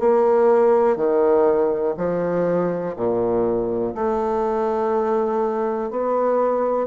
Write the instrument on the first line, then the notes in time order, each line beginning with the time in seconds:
bassoon
0.00 A#3
0.97 D#3
1.98 F3
2.96 A#2
3.95 A3
5.91 B3